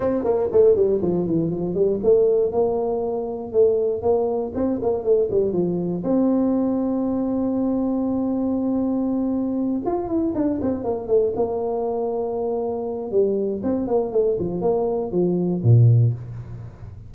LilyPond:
\new Staff \with { instrumentName = "tuba" } { \time 4/4 \tempo 4 = 119 c'8 ais8 a8 g8 f8 e8 f8 g8 | a4 ais2 a4 | ais4 c'8 ais8 a8 g8 f4 | c'1~ |
c'2.~ c'8 f'8 | e'8 d'8 c'8 ais8 a8 ais4.~ | ais2 g4 c'8 ais8 | a8 f8 ais4 f4 ais,4 | }